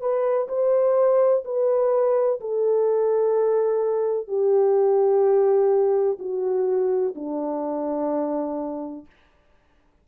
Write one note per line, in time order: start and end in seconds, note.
0.00 0.48 B4
0.48 1.43 C5
1.44 2.39 B4
2.40 4.27 A4
4.27 6.18 G4
6.19 7.14 F#4
7.15 9.06 D4